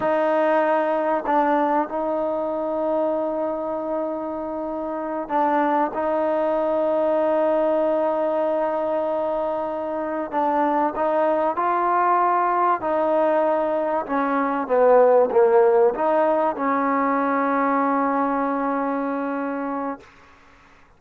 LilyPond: \new Staff \with { instrumentName = "trombone" } { \time 4/4 \tempo 4 = 96 dis'2 d'4 dis'4~ | dis'1~ | dis'8 d'4 dis'2~ dis'8~ | dis'1~ |
dis'8 d'4 dis'4 f'4.~ | f'8 dis'2 cis'4 b8~ | b8 ais4 dis'4 cis'4.~ | cis'1 | }